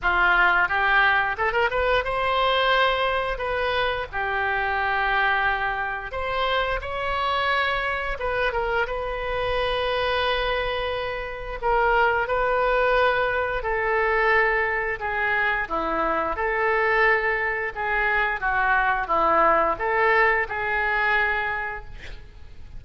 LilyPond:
\new Staff \with { instrumentName = "oboe" } { \time 4/4 \tempo 4 = 88 f'4 g'4 a'16 ais'16 b'8 c''4~ | c''4 b'4 g'2~ | g'4 c''4 cis''2 | b'8 ais'8 b'2.~ |
b'4 ais'4 b'2 | a'2 gis'4 e'4 | a'2 gis'4 fis'4 | e'4 a'4 gis'2 | }